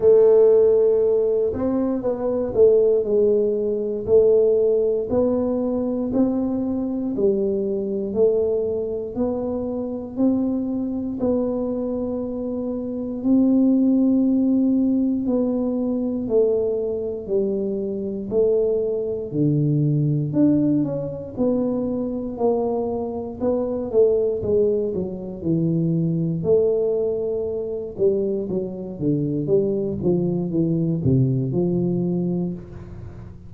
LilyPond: \new Staff \with { instrumentName = "tuba" } { \time 4/4 \tempo 4 = 59 a4. c'8 b8 a8 gis4 | a4 b4 c'4 g4 | a4 b4 c'4 b4~ | b4 c'2 b4 |
a4 g4 a4 d4 | d'8 cis'8 b4 ais4 b8 a8 | gis8 fis8 e4 a4. g8 | fis8 d8 g8 f8 e8 c8 f4 | }